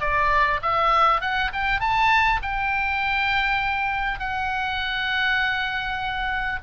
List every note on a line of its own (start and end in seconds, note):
0.00 0.60 D5
0.62 1.21 E5
1.21 1.51 F#5
1.53 1.80 G5
1.80 2.40 A5
2.42 4.19 G5
4.19 6.59 F#5